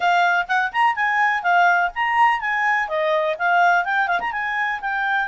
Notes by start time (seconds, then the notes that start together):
0.00 F5
0.48 F#5
0.72 A#5
0.95 G#5
1.42 F5
1.94 A#5
2.40 G#5
2.88 D#5
3.38 F5
3.84 G5
4.07 F5
4.20 A#5
4.32 G#5
4.80 G5